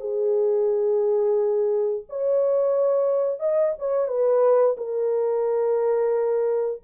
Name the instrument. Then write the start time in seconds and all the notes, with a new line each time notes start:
horn
0.00 G#4
2.09 C#5
3.40 D#5
3.78 C#5
4.08 B4
4.77 A#4